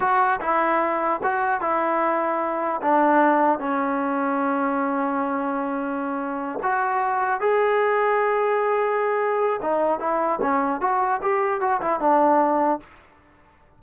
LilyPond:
\new Staff \with { instrumentName = "trombone" } { \time 4/4 \tempo 4 = 150 fis'4 e'2 fis'4 | e'2. d'4~ | d'4 cis'2.~ | cis'1~ |
cis'8 fis'2 gis'4.~ | gis'1 | dis'4 e'4 cis'4 fis'4 | g'4 fis'8 e'8 d'2 | }